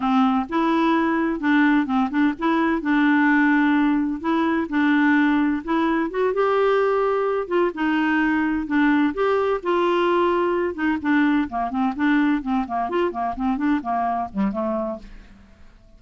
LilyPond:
\new Staff \with { instrumentName = "clarinet" } { \time 4/4 \tempo 4 = 128 c'4 e'2 d'4 | c'8 d'8 e'4 d'2~ | d'4 e'4 d'2 | e'4 fis'8 g'2~ g'8 |
f'8 dis'2 d'4 g'8~ | g'8 f'2~ f'8 dis'8 d'8~ | d'8 ais8 c'8 d'4 c'8 ais8 f'8 | ais8 c'8 d'8 ais4 g8 a4 | }